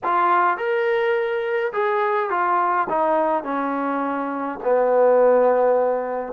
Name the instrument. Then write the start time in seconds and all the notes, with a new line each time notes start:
trombone
0.03 F4
0.57 A#4
1.73 G#4
2.29 F4
2.89 D#4
3.43 C#4
4.63 B3